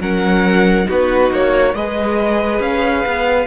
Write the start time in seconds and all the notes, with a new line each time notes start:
0.00 F#3 C#4 A#4 F#5
0.84 B3 D#4 F#4
0.91 B4
1.30 A#3 C#5
1.74 G#3 G#4 B4 D#5
2.60 C#4 F5
3.06 B3